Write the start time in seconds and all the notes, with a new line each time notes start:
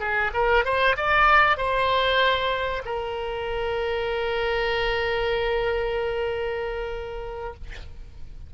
0.00 G#4
0.34 A#4
0.65 C5
0.97 D5
1.57 C5
2.85 A#4